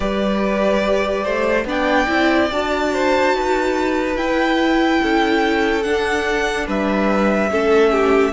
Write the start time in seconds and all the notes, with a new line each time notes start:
0.00 G3 G4 B4 D5
1.23 A3 C5
1.64 B3 D4 D5 G5
2.07 C4 E4
2.51 D4 F#4 A5
2.93 C5
3.33 D#4 B4
4.15 E4 G5
5.02 C#4 A4
5.82 D4 F#5
6.66 G3 B4 E5
7.50 A3 C#4 A4
7.91 G4